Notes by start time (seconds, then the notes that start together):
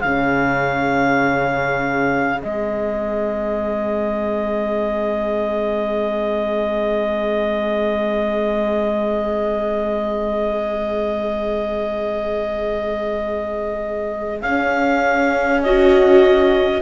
0.00 C#3 C#4 G#4 F5
2.41 G#3 C4 D#5
14.41 C#4 F5
15.62 F#4 D#5